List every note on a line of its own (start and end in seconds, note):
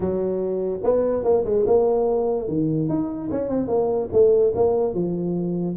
0.00 0.80 F#3
0.83 1.23 B3
1.23 1.44 A#3
1.44 1.65 G#3
1.66 2.48 A#3
2.48 2.89 D#3
2.89 3.30 D#4
3.31 3.49 C#4
3.49 3.67 C4
3.67 4.09 A#3
4.12 4.53 A3
4.55 4.94 A#3
4.94 5.76 F3